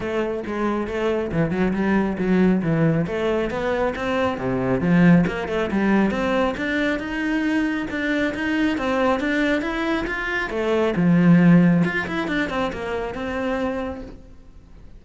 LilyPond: \new Staff \with { instrumentName = "cello" } { \time 4/4 \tempo 4 = 137 a4 gis4 a4 e8 fis8 | g4 fis4 e4 a4 | b4 c'4 c4 f4 | ais8 a8 g4 c'4 d'4 |
dis'2 d'4 dis'4 | c'4 d'4 e'4 f'4 | a4 f2 f'8 e'8 | d'8 c'8 ais4 c'2 | }